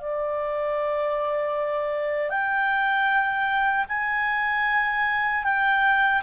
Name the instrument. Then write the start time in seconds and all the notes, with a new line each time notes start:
clarinet
0.00 D5
2.30 G5
3.88 G#5
5.44 G5